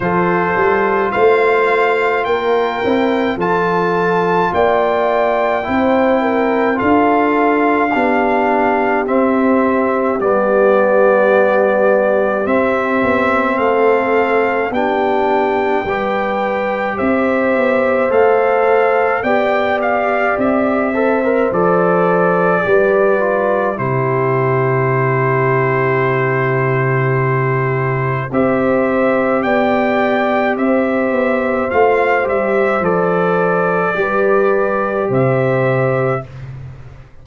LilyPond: <<
  \new Staff \with { instrumentName = "trumpet" } { \time 4/4 \tempo 4 = 53 c''4 f''4 g''4 a''4 | g''2 f''2 | e''4 d''2 e''4 | f''4 g''2 e''4 |
f''4 g''8 f''8 e''4 d''4~ | d''4 c''2.~ | c''4 e''4 g''4 e''4 | f''8 e''8 d''2 e''4 | }
  \new Staff \with { instrumentName = "horn" } { \time 4/4 a'4 c''4 ais'4 a'4 | d''4 c''8 ais'8 a'4 g'4~ | g'1 | a'4 g'4 b'4 c''4~ |
c''4 d''4. c''4. | b'4 g'2.~ | g'4 c''4 d''4 c''4~ | c''2 b'4 c''4 | }
  \new Staff \with { instrumentName = "trombone" } { \time 4/4 f'2~ f'8 e'8 f'4~ | f'4 e'4 f'4 d'4 | c'4 b2 c'4~ | c'4 d'4 g'2 |
a'4 g'4. a'16 ais'16 a'4 | g'8 f'8 e'2.~ | e'4 g'2. | f'8 g'8 a'4 g'2 | }
  \new Staff \with { instrumentName = "tuba" } { \time 4/4 f8 g8 a4 ais8 c'8 f4 | ais4 c'4 d'4 b4 | c'4 g2 c'8 b8 | a4 b4 g4 c'8 b8 |
a4 b4 c'4 f4 | g4 c2.~ | c4 c'4 b4 c'8 b8 | a8 g8 f4 g4 c4 | }
>>